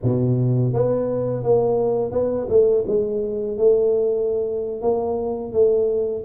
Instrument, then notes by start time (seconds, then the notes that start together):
tuba
0.03 B2
0.73 B3
1.43 A#3
2.11 B3
2.49 A3
2.87 G#3
3.57 A3
4.81 A#3
5.53 A3